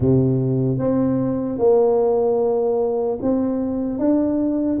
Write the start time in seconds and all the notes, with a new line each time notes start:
0.00 C3
0.78 C4
1.58 A#3
3.21 C4
3.98 D4